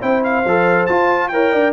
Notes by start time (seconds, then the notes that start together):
0.00 C4 E4 C5 G5
0.24 F5
0.45 F3 A4
0.86 F4 A5
1.28 E4 A#4 C#5 G5
1.52 D4 D5